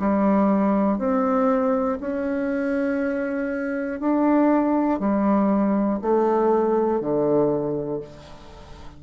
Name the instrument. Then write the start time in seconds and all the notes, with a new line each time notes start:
bassoon
0.00 G3
0.99 C4
2.01 C#4
4.00 D4
5.00 G3
6.02 A3
7.01 D3